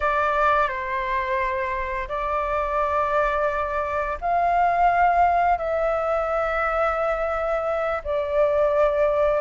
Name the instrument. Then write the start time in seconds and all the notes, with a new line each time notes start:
flute
0.00 D5
0.68 C5
2.08 D5
4.21 F5
5.58 E5
8.04 D5